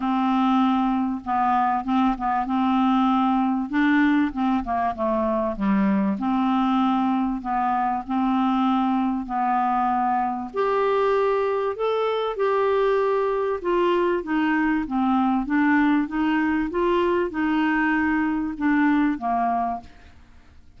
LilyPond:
\new Staff \with { instrumentName = "clarinet" } { \time 4/4 \tempo 4 = 97 c'2 b4 c'8 b8 | c'2 d'4 c'8 ais8 | a4 g4 c'2 | b4 c'2 b4~ |
b4 g'2 a'4 | g'2 f'4 dis'4 | c'4 d'4 dis'4 f'4 | dis'2 d'4 ais4 | }